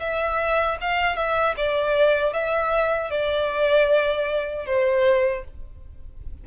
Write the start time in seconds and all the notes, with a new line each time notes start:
0.00 E5
0.81 F5
1.16 E5
1.57 D5
2.33 E5
3.11 D5
4.66 C5